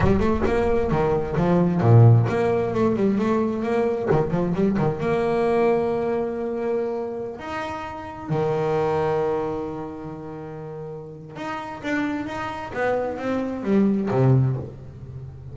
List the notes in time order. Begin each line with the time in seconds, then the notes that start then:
0.00 G3
0.19 A3
0.46 A#3
0.91 D#3
1.37 F3
1.80 A#2
2.29 A#3
2.74 A3
2.96 G3
3.18 A3
3.62 A#3
4.10 D#3
4.31 F3
4.54 G3
4.77 D#3
5.00 A#3
7.39 D#4
8.29 D#3
11.36 D#4
11.83 D4
12.26 D#4
12.73 B3
13.18 C4
13.63 G3
14.10 C3